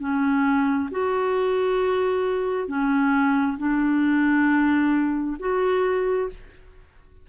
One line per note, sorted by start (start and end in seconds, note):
0.00 0.90 C#4
0.91 2.68 F#4
2.68 3.57 C#4
3.58 5.37 D4
5.40 6.29 F#4